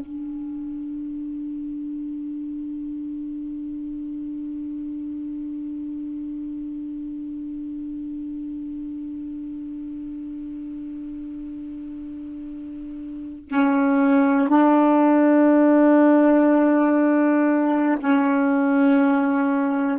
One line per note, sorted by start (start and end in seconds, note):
0.00 13.49 D4
13.49 14.49 C#4
14.49 17.99 D4
18.00 19.99 C#4